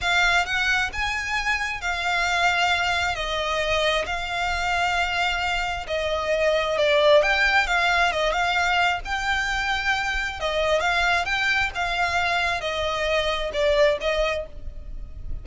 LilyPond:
\new Staff \with { instrumentName = "violin" } { \time 4/4 \tempo 4 = 133 f''4 fis''4 gis''2 | f''2. dis''4~ | dis''4 f''2.~ | f''4 dis''2 d''4 |
g''4 f''4 dis''8 f''4. | g''2. dis''4 | f''4 g''4 f''2 | dis''2 d''4 dis''4 | }